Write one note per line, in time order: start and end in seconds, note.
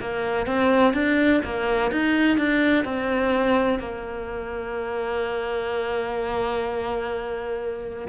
0.00 0.46 A#3
0.46 0.93 C4
0.93 1.41 D4
1.44 1.91 A#3
1.91 2.37 D#4
2.37 2.84 D4
2.84 3.79 C4
3.79 8.08 A#3